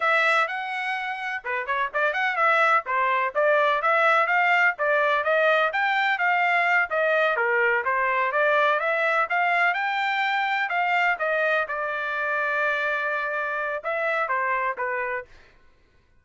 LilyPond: \new Staff \with { instrumentName = "trumpet" } { \time 4/4 \tempo 4 = 126 e''4 fis''2 b'8 cis''8 | d''8 fis''8 e''4 c''4 d''4 | e''4 f''4 d''4 dis''4 | g''4 f''4. dis''4 ais'8~ |
ais'8 c''4 d''4 e''4 f''8~ | f''8 g''2 f''4 dis''8~ | dis''8 d''2.~ d''8~ | d''4 e''4 c''4 b'4 | }